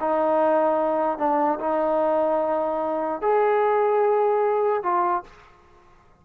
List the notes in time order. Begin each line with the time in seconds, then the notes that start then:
0.00 D#4
1.18 D4
1.59 D#4
3.21 G#4
4.83 F4